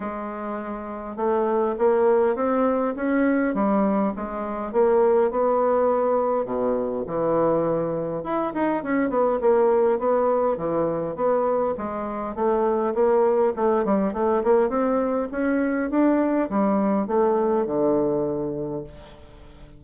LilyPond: \new Staff \with { instrumentName = "bassoon" } { \time 4/4 \tempo 4 = 102 gis2 a4 ais4 | c'4 cis'4 g4 gis4 | ais4 b2 b,4 | e2 e'8 dis'8 cis'8 b8 |
ais4 b4 e4 b4 | gis4 a4 ais4 a8 g8 | a8 ais8 c'4 cis'4 d'4 | g4 a4 d2 | }